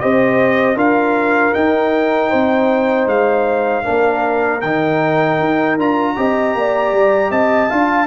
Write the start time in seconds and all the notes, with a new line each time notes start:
0.00 C4 G4 C5 D#5
0.75 D4 F4 A#4 F5
1.53 D#4 G5
2.30 C4 C5
3.06 G#3 F5
3.83 A#3 D4 A#4
4.61 D#3 D#4 G5
5.39 D#4
5.77 D4 F4 A#5
6.16 C4 G4 D#5
6.55 A#3 D5
6.92 G3
7.30 C4 D#5 A5
7.70 D4 F4 F5